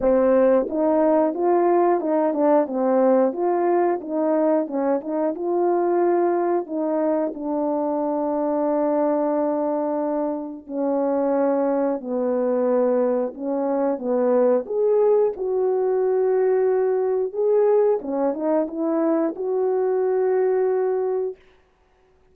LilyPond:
\new Staff \with { instrumentName = "horn" } { \time 4/4 \tempo 4 = 90 c'4 dis'4 f'4 dis'8 d'8 | c'4 f'4 dis'4 cis'8 dis'8 | f'2 dis'4 d'4~ | d'1 |
cis'2 b2 | cis'4 b4 gis'4 fis'4~ | fis'2 gis'4 cis'8 dis'8 | e'4 fis'2. | }